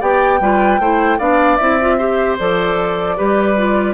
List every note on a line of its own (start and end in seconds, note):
0.00 0.40 B3
0.00 0.41 G4
0.00 0.39 D5
0.00 1.20 G5
0.40 0.79 G3
0.40 0.81 F4
0.40 0.81 B4
0.79 1.19 A3
0.79 1.19 E4
0.79 1.18 C5
1.18 1.59 B3
1.18 1.59 D4
1.18 1.97 D5
1.18 1.57 F5
1.57 2.39 C4
1.57 1.80 E4
1.57 2.36 E5
1.81 1.99 F4
1.98 2.39 G4
1.98 3.17 C5
2.39 3.19 F3
2.39 3.17 A4
2.39 3.94 D5
3.17 3.94 G3
3.17 3.56 G4
3.17 3.94 B4
3.57 3.94 F4